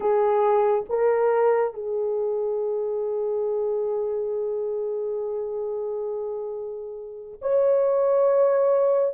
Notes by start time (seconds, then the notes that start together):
0.00 G#4
0.89 A#4
1.74 G#4
7.41 C#5